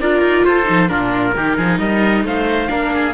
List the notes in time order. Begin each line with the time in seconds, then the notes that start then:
0.00 D4 F4 A#4 D5
0.21 D#4
0.44 F4 A4 C5
0.64 F3 D#4
0.88 A#2 D4 F4 A#4
1.36 D#3 D#4 G4
1.56 F3 G#4
1.78 G3 A#4 D#5
2.23 A3 C5 F5
2.68 A#3 D4 A#4
2.94 G#4